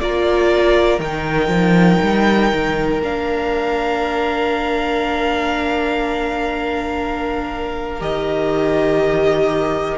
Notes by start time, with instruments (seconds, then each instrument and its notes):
0.00 cello A#3, viola F4, violin A#4 D5
0.99 cello D#3, viola D#4, violin G5
1.48 cello F3
2.03 cello G3
2.53 cello D#3
3.02 cello A#3, viola D4, violin F5
8.01 cello D#3, viola G4, violin D#5